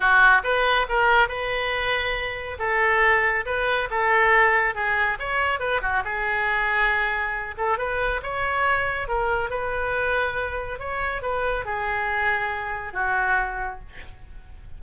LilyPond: \new Staff \with { instrumentName = "oboe" } { \time 4/4 \tempo 4 = 139 fis'4 b'4 ais'4 b'4~ | b'2 a'2 | b'4 a'2 gis'4 | cis''4 b'8 fis'8 gis'2~ |
gis'4. a'8 b'4 cis''4~ | cis''4 ais'4 b'2~ | b'4 cis''4 b'4 gis'4~ | gis'2 fis'2 | }